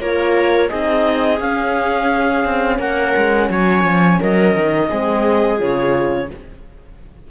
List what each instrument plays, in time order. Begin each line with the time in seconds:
0.00 cello A#3, horn F4, viola A#4, clarinet C#5
0.69 cello C4, horn D#4, viola G#4, clarinet D#5
1.39 cello C#4, horn C#4, clarinet F5
2.44 cello C4
2.78 cello A#3, viola A#4, clarinet F#5
3.16 cello G#3
3.49 cello F#3, viola C#5, clarinet G#5
3.83 cello F3
4.20 cello F#3, viola A#4, clarinet D#5
4.55 cello D#3
4.89 cello G#3, horn C4, viola G#4
5.58 cello C#3, horn F4, clarinet C#5